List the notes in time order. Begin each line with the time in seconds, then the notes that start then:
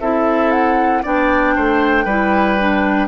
0.00 C4 E4 A4 E5
0.51 F#5
1.03 B3 D4 D5 G5
1.56 A3 C5
2.05 G3 E4 B4
2.59 D4